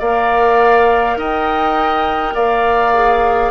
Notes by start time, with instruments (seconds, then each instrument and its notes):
0.00 bassoon A#3, clarinet A#4, oboe D5, flute F5
1.17 bassoon D#4, oboe D#5, flute G5
2.34 bassoon A#3, oboe D5, flute F5
2.94 clarinet G#4